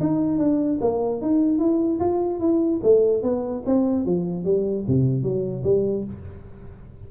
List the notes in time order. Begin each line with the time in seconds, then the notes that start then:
0.00 D#4
0.38 D4
0.81 A#3
1.21 D#4
1.59 E4
2.00 F4
2.40 E4
2.83 A3
3.23 B3
3.66 C4
4.06 F3
4.44 G3
4.87 C3
5.23 F#3
5.64 G3